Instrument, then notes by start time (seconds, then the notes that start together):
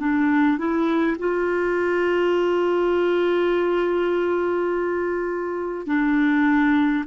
clarinet
0.00 D4
0.59 E4
1.19 F4
5.87 D4